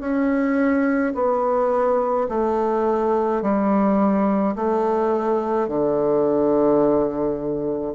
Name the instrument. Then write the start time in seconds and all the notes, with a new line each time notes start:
bassoon
0.00 C#4
1.15 B3
2.29 A3
3.42 G3
4.55 A3
5.68 D3